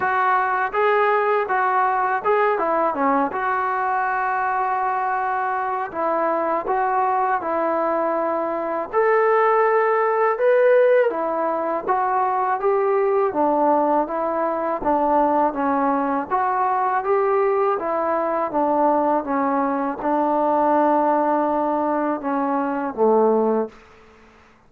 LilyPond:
\new Staff \with { instrumentName = "trombone" } { \time 4/4 \tempo 4 = 81 fis'4 gis'4 fis'4 gis'8 e'8 | cis'8 fis'2.~ fis'8 | e'4 fis'4 e'2 | a'2 b'4 e'4 |
fis'4 g'4 d'4 e'4 | d'4 cis'4 fis'4 g'4 | e'4 d'4 cis'4 d'4~ | d'2 cis'4 a4 | }